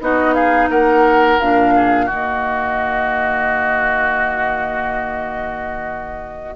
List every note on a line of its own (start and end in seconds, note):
0.00 0.69 B3
0.00 1.38 D#4
0.00 0.34 F#4
0.00 0.34 D#5
0.34 0.69 G#4
0.34 0.68 F5
0.70 1.39 A#3
0.70 1.74 A#4
0.70 1.39 F#5
1.39 2.09 A#2
1.39 2.09 D4
1.39 2.08 F5
1.75 2.05 G#4
2.05 6.56 D#3
2.05 6.56 A#3
2.05 6.53 F#4
2.05 6.56 D#5